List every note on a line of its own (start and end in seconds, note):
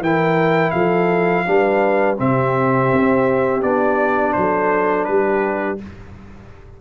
0.00 0.72 E3
0.00 1.46 E4
0.00 0.72 A#4
0.00 0.71 G5
0.71 1.46 F3
0.71 1.44 A4
0.71 2.16 F5
1.46 2.20 G3
1.46 2.17 D4
1.46 2.19 B4
2.17 2.92 C3
2.17 3.61 C4
2.17 4.36 G4
2.17 3.62 E5
2.93 3.63 C4
3.62 4.35 B3
3.62 5.78 D4
3.62 4.33 D5
4.33 5.08 F#3
4.33 5.05 C5
4.39 5.09 A4
5.05 5.80 G3
5.05 5.81 G4
5.05 5.77 B4